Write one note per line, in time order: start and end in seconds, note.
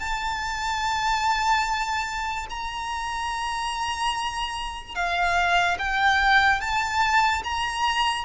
0.00 2.47 A5
2.50 4.95 A#5
4.95 5.78 F5
5.79 6.61 G5
6.61 7.43 A5
7.44 8.25 A#5